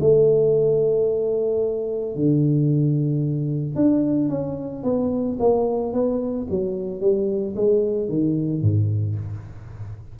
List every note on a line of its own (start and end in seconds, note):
0.00 2.15 A3
2.15 3.75 D3
3.75 4.29 D4
4.29 4.83 C#4
4.83 5.37 B3
5.39 5.93 A#3
5.93 6.47 B3
6.50 7.00 F#3
7.00 7.55 G3
7.56 8.09 G#3
8.09 8.61 D#3
8.61 9.15 G#2